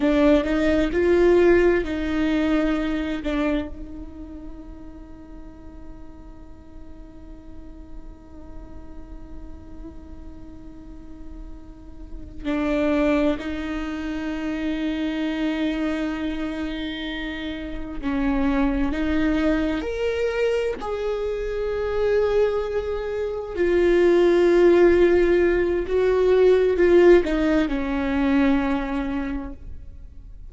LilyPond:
\new Staff \with { instrumentName = "viola" } { \time 4/4 \tempo 4 = 65 d'8 dis'8 f'4 dis'4. d'8 | dis'1~ | dis'1~ | dis'4. d'4 dis'4.~ |
dis'2.~ dis'8 cis'8~ | cis'8 dis'4 ais'4 gis'4.~ | gis'4. f'2~ f'8 | fis'4 f'8 dis'8 cis'2 | }